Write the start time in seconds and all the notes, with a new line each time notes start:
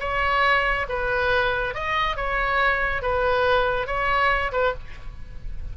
0.00 C#5
0.89 B4
1.74 D#5
2.16 C#5
3.02 B4
3.87 C#5
4.52 B4